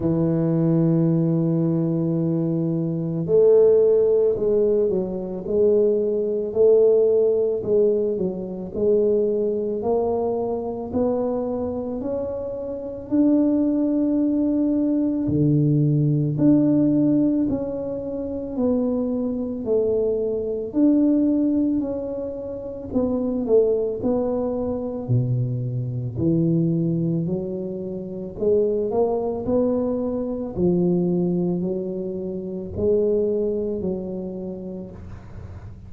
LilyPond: \new Staff \with { instrumentName = "tuba" } { \time 4/4 \tempo 4 = 55 e2. a4 | gis8 fis8 gis4 a4 gis8 fis8 | gis4 ais4 b4 cis'4 | d'2 d4 d'4 |
cis'4 b4 a4 d'4 | cis'4 b8 a8 b4 b,4 | e4 fis4 gis8 ais8 b4 | f4 fis4 gis4 fis4 | }